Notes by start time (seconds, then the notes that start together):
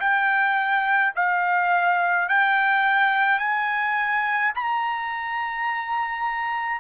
0.00 G5
1.15 F5
2.28 G5
3.39 G#5
4.55 A#5